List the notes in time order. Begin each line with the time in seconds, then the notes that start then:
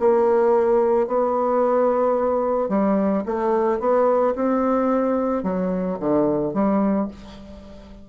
0.00 A#3
1.08 B3
2.70 G3
3.26 A3
3.80 B3
4.36 C4
5.43 F#3
6.00 D3
6.54 G3